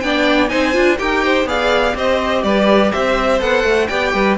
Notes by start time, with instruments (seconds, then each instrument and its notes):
0.00 cello B3, viola D4, violin D5 G5
0.48 cello C4, viola D#4, violin C5 G#5
0.72 cello D4, viola F4
0.98 cello D#4, viola G4, violin A#4 G5
1.23 violin C5
1.44 cello B3, viola G#4, violin D5 F5
1.94 cello C4, viola G4, violin C5 D#5
2.43 cello G3, violin B4 D5
2.92 cello C4, violin C5 E5
3.39 cello B3, viola A4, violin F#5
3.63 cello A3
3.87 cello B3, viola G4, violin D5 G5
4.13 cello G3, violin B4